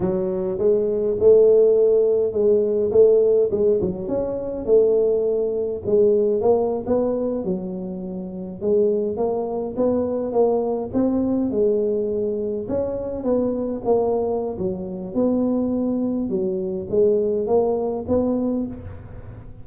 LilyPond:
\new Staff \with { instrumentName = "tuba" } { \time 4/4 \tempo 4 = 103 fis4 gis4 a2 | gis4 a4 gis8 fis8 cis'4 | a2 gis4 ais8. b16~ | b8. fis2 gis4 ais16~ |
ais8. b4 ais4 c'4 gis16~ | gis4.~ gis16 cis'4 b4 ais16~ | ais4 fis4 b2 | fis4 gis4 ais4 b4 | }